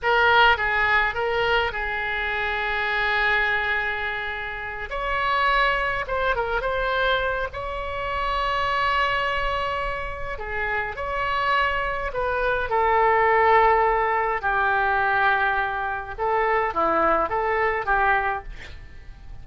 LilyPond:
\new Staff \with { instrumentName = "oboe" } { \time 4/4 \tempo 4 = 104 ais'4 gis'4 ais'4 gis'4~ | gis'1~ | gis'8 cis''2 c''8 ais'8 c''8~ | c''4 cis''2.~ |
cis''2 gis'4 cis''4~ | cis''4 b'4 a'2~ | a'4 g'2. | a'4 e'4 a'4 g'4 | }